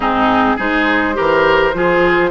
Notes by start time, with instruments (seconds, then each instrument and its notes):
0.00 bassoon G#2, clarinet C4, oboe D#4, flute G#4
0.56 bassoon G#3, clarinet D#4, oboe G#4, flute C5
1.14 bassoon E3, clarinet G4, oboe A#4
1.73 bassoon F3, clarinet F4, oboe G#4